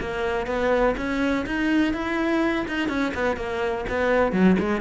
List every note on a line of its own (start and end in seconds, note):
0.00 0.46 A#3
0.46 0.95 B3
0.97 1.45 C#4
1.46 1.93 D#4
1.93 2.66 E4
2.67 2.88 D#4
2.88 3.13 C#4
3.14 3.37 B3
3.37 3.85 A#3
3.89 4.32 B3
4.32 4.56 F#3
4.59 4.81 G#3